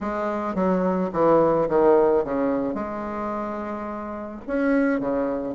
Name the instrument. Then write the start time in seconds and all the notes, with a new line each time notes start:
bassoon
0.00 G#3
0.54 F#3
1.12 E3
1.68 D#3
2.24 C#3
2.74 G#3
4.47 C#4
4.99 C#3